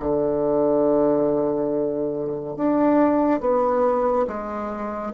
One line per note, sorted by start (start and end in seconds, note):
0.00 2.56 D3
2.56 3.41 D4
3.41 4.26 B3
4.27 5.13 G#3